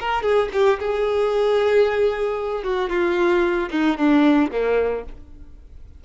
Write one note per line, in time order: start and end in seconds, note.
0.00 0.22 A#4
0.22 0.49 G#4
0.53 0.79 G4
0.80 2.63 G#4
2.63 2.89 F#4
2.89 3.69 F4
3.71 3.97 D#4
3.97 4.50 D4
4.51 5.04 A#3